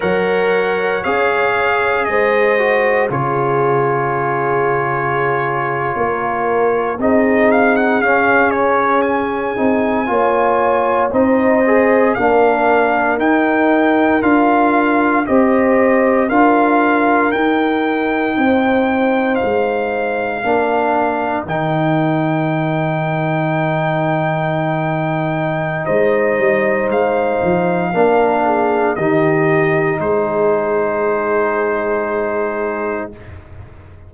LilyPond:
<<
  \new Staff \with { instrumentName = "trumpet" } { \time 4/4 \tempo 4 = 58 fis''4 f''4 dis''4 cis''4~ | cis''2~ cis''8. dis''8 f''16 fis''16 f''16~ | f''16 cis''8 gis''2 dis''4 f''16~ | f''8. g''4 f''4 dis''4 f''16~ |
f''8. g''2 f''4~ f''16~ | f''8. g''2.~ g''16~ | g''4 dis''4 f''2 | dis''4 c''2. | }
  \new Staff \with { instrumentName = "horn" } { \time 4/4 cis''2 c''4 gis'4~ | gis'4.~ gis'16 ais'4 gis'4~ gis'16~ | gis'4.~ gis'16 cis''4 c''4 ais'16~ | ais'2~ ais'8. c''4 ais'16~ |
ais'4.~ ais'16 c''2 ais'16~ | ais'1~ | ais'4 c''2 ais'8 gis'8 | g'4 gis'2. | }
  \new Staff \with { instrumentName = "trombone" } { \time 4/4 ais'4 gis'4. fis'8 f'4~ | f'2~ f'8. dis'4 cis'16~ | cis'4~ cis'16 dis'8 f'4 dis'8 gis'8 d'16~ | d'8. dis'4 f'4 g'4 f'16~ |
f'8. dis'2. d'16~ | d'8. dis'2.~ dis'16~ | dis'2. d'4 | dis'1 | }
  \new Staff \with { instrumentName = "tuba" } { \time 4/4 fis4 cis'4 gis4 cis4~ | cis4.~ cis16 ais4 c'4 cis'16~ | cis'4~ cis'16 c'8 ais4 c'4 ais16~ | ais8. dis'4 d'4 c'4 d'16~ |
d'8. dis'4 c'4 gis4 ais16~ | ais8. dis2.~ dis16~ | dis4 gis8 g8 gis8 f8 ais4 | dis4 gis2. | }
>>